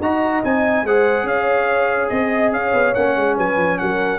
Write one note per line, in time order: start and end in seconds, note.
0.00 0.42 D#4
0.00 0.44 F#4
0.00 0.84 D#5
0.00 0.44 A#5
0.44 0.84 C4
0.44 0.86 D#4
0.44 0.87 G#5
0.84 1.24 G#3
0.84 2.96 G#4
0.84 1.28 C5
0.84 1.28 F#5
1.24 2.08 C#4
1.24 2.12 C#5
1.24 2.09 F5
2.09 2.52 C4
2.09 2.51 D#5
2.09 2.56 D#5
2.52 2.73 C#4
2.52 3.37 C#5
2.52 2.94 F5
2.74 2.95 B3
2.94 3.17 A#3
2.94 4.19 C#4
2.94 3.36 F#5
3.17 3.38 G#3
3.37 3.57 F#3
3.37 3.79 B4
3.37 3.78 G#5
3.57 3.78 F3
3.78 4.19 F#3
3.78 4.19 A#4
3.78 4.19 F#5